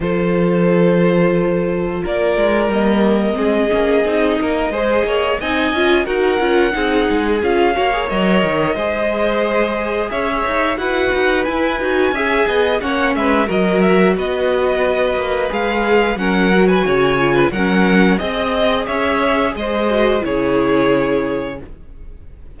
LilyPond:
<<
  \new Staff \with { instrumentName = "violin" } { \time 4/4 \tempo 4 = 89 c''2. d''4 | dis''1 | gis''4 fis''2 f''4 | dis''2. e''4 |
fis''4 gis''2 fis''8 e''8 | dis''8 e''8 dis''2 f''4 | fis''8. gis''4~ gis''16 fis''4 dis''4 | e''4 dis''4 cis''2 | }
  \new Staff \with { instrumentName = "violin" } { \time 4/4 a'2. ais'4~ | ais'4 gis'4. ais'8 c''8 cis''8 | dis''4 ais'4 gis'4. cis''8~ | cis''4 c''2 cis''4 |
b'2 e''8 dis''8 cis''8 b'8 | ais'4 b'2. | ais'8. b'16 cis''8. b'16 ais'4 dis''4 | cis''4 c''4 gis'2 | }
  \new Staff \with { instrumentName = "viola" } { \time 4/4 f'1 | ais4 c'8 cis'8 dis'4 gis'4 | dis'8 f'8 fis'8 f'8 dis'4 f'8 fis'16 gis'16 | ais'4 gis'2. |
fis'4 e'8 fis'8 gis'4 cis'4 | fis'2. gis'4 | cis'8 fis'4 f'8 cis'4 gis'4~ | gis'4. fis'8 e'2 | }
  \new Staff \with { instrumentName = "cello" } { \time 4/4 f2. ais8 gis8 | g4 gis8 ais8 c'8 ais8 gis8 ais8 | c'8 cis'8 dis'8 cis'8 c'8 gis8 cis'8 ais8 | fis8 dis8 gis2 cis'8 dis'8 |
e'8 dis'8 e'8 dis'8 cis'8 b8 ais8 gis8 | fis4 b4. ais8 gis4 | fis4 cis4 fis4 c'4 | cis'4 gis4 cis2 | }
>>